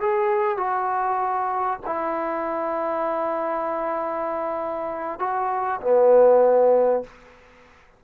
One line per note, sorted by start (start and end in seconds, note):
0.00 0.57 G#4
0.57 1.79 F#4
1.86 5.19 E4
5.19 5.80 F#4
5.81 7.03 B3